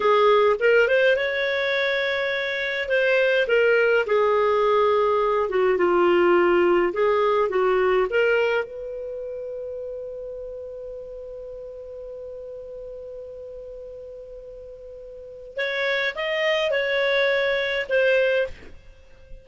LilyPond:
\new Staff \with { instrumentName = "clarinet" } { \time 4/4 \tempo 4 = 104 gis'4 ais'8 c''8 cis''2~ | cis''4 c''4 ais'4 gis'4~ | gis'4. fis'8 f'2 | gis'4 fis'4 ais'4 b'4~ |
b'1~ | b'1~ | b'2. cis''4 | dis''4 cis''2 c''4 | }